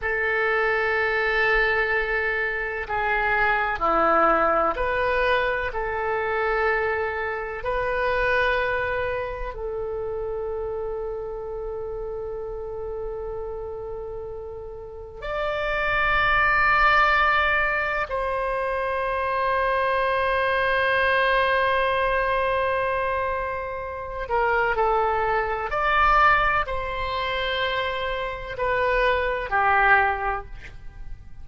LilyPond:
\new Staff \with { instrumentName = "oboe" } { \time 4/4 \tempo 4 = 63 a'2. gis'4 | e'4 b'4 a'2 | b'2 a'2~ | a'1 |
d''2. c''4~ | c''1~ | c''4. ais'8 a'4 d''4 | c''2 b'4 g'4 | }